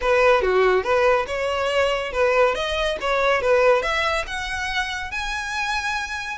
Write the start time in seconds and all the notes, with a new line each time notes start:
0.01 B4
0.42 F#4
0.83 B4
1.27 C#5
2.12 B4
2.54 D#5
3.00 C#5
3.41 B4
3.82 E5
4.26 F#5
5.11 G#5